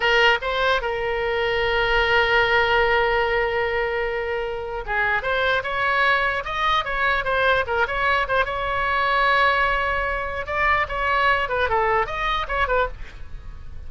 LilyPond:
\new Staff \with { instrumentName = "oboe" } { \time 4/4 \tempo 4 = 149 ais'4 c''4 ais'2~ | ais'1~ | ais'1 | gis'4 c''4 cis''2 |
dis''4 cis''4 c''4 ais'8 cis''8~ | cis''8 c''8 cis''2.~ | cis''2 d''4 cis''4~ | cis''8 b'8 a'4 dis''4 cis''8 b'8 | }